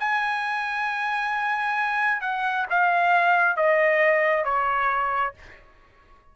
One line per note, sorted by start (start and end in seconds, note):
0.00 2.22 G#5
2.22 2.67 F#5
2.70 3.57 F5
3.57 4.45 D#5
4.45 5.34 C#5